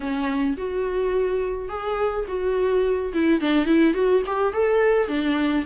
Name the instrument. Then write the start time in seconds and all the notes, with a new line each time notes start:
viola
0.00 C#4
0.57 F#4
1.68 G#4
2.28 F#4
3.13 E4
3.41 D4
3.65 E4
3.94 F#4
4.26 G4
4.53 A4
5.08 D4